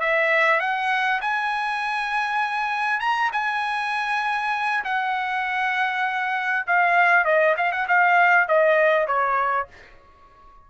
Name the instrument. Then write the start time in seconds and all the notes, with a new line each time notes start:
trumpet
0.00 E5
0.60 F#5
1.21 G#5
3.00 A#5
3.32 G#5
4.84 F#5
6.67 F5
7.25 D#5
7.57 F5
7.72 F#5
7.88 F5
8.48 D#5
9.07 C#5